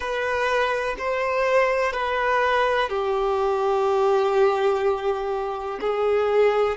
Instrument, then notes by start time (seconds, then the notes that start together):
violin
0.00 B4
0.98 C5
1.93 B4
2.89 G4
5.80 G#4